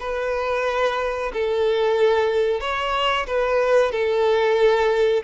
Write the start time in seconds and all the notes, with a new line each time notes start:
0.00 B4
1.33 A4
2.60 C#5
3.27 B4
3.91 A4